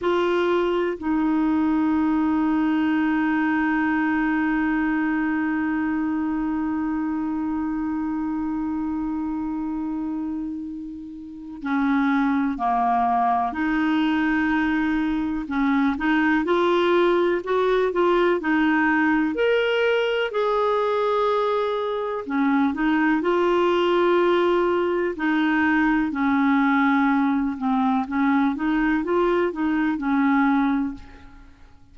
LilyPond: \new Staff \with { instrumentName = "clarinet" } { \time 4/4 \tempo 4 = 62 f'4 dis'2.~ | dis'1~ | dis'1 | cis'4 ais4 dis'2 |
cis'8 dis'8 f'4 fis'8 f'8 dis'4 | ais'4 gis'2 cis'8 dis'8 | f'2 dis'4 cis'4~ | cis'8 c'8 cis'8 dis'8 f'8 dis'8 cis'4 | }